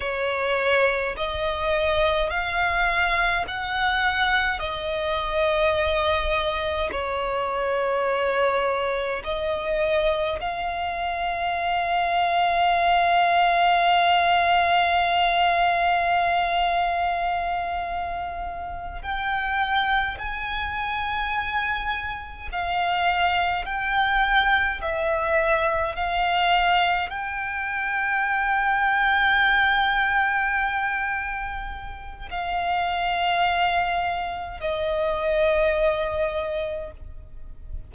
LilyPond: \new Staff \with { instrumentName = "violin" } { \time 4/4 \tempo 4 = 52 cis''4 dis''4 f''4 fis''4 | dis''2 cis''2 | dis''4 f''2.~ | f''1~ |
f''8 g''4 gis''2 f''8~ | f''8 g''4 e''4 f''4 g''8~ | g''1 | f''2 dis''2 | }